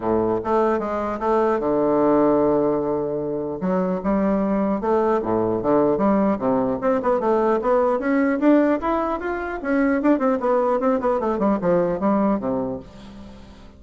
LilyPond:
\new Staff \with { instrumentName = "bassoon" } { \time 4/4 \tempo 4 = 150 a,4 a4 gis4 a4 | d1~ | d4 fis4 g2 | a4 a,4 d4 g4 |
c4 c'8 b8 a4 b4 | cis'4 d'4 e'4 f'4 | cis'4 d'8 c'8 b4 c'8 b8 | a8 g8 f4 g4 c4 | }